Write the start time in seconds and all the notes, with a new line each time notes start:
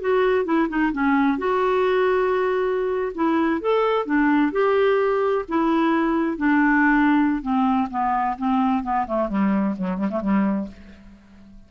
0.00 F#4
0.45 E4
0.68 D#4
0.92 C#4
1.38 F#4
3.14 E4
3.61 A4
4.05 D4
4.52 G4
5.48 E4
6.37 D4
7.42 C4
7.90 B3
8.38 C4
8.83 B3
9.06 A3
9.28 G3
9.77 F#3
9.97 G3
10.10 A3
10.21 G3